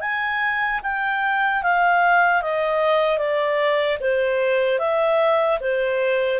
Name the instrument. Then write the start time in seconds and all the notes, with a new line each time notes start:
clarinet
0.00 G#5
0.82 G5
1.63 F5
2.42 D#5
3.18 D5
4.00 C5
4.78 E5
5.60 C5